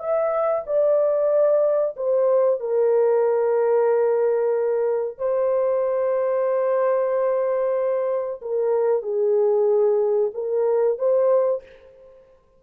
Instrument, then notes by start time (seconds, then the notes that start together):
horn
0.00 E5
0.67 D5
1.97 C5
2.60 A#4
5.18 C5
8.42 A#4
9.03 G#4
10.34 A#4
10.99 C5